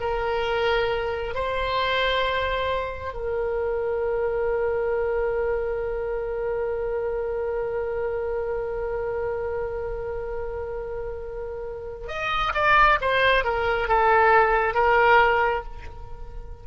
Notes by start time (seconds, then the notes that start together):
0.00 A#4
1.34 C5
3.13 A#4
12.07 D#5
12.54 D5
13.01 C5
13.44 A#4
13.88 A4
14.74 A#4